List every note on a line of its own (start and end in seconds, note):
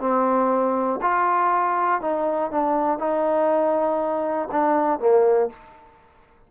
0.00 1.00 C4
1.01 2.01 F4
2.01 2.51 D#4
2.51 2.99 D4
2.99 4.49 D#4
4.52 4.99 D4
4.99 5.49 A#3